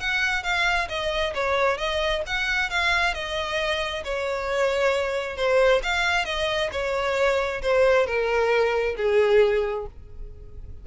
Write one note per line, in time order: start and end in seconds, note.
0.00 0.43 F#5
0.43 0.88 F5
0.89 1.34 D#5
1.35 1.78 C#5
1.78 2.23 D#5
2.27 2.70 F#5
2.70 3.14 F5
3.14 4.03 D#5
4.04 5.37 C#5
5.37 5.81 C5
5.83 6.25 F5
6.25 6.70 D#5
6.72 7.62 C#5
7.62 8.06 C5
8.06 8.96 A#4
8.97 9.86 G#4